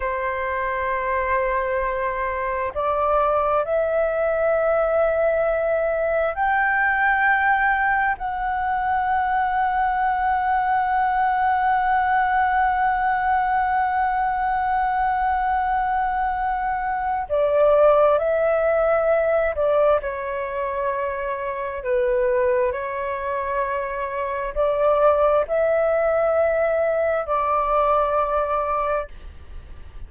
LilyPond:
\new Staff \with { instrumentName = "flute" } { \time 4/4 \tempo 4 = 66 c''2. d''4 | e''2. g''4~ | g''4 fis''2.~ | fis''1~ |
fis''2. d''4 | e''4. d''8 cis''2 | b'4 cis''2 d''4 | e''2 d''2 | }